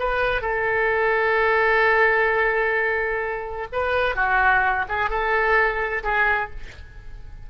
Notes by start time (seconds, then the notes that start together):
0.00 B4
0.42 A4
3.73 B4
4.16 F#4
4.89 G#4
5.10 A4
6.04 G#4